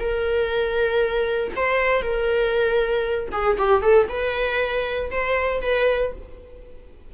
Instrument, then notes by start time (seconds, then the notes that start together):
viola
0.00 A#4
1.56 C5
2.03 A#4
3.32 G#4
3.59 G4
3.83 A4
4.09 B4
5.11 C5
5.62 B4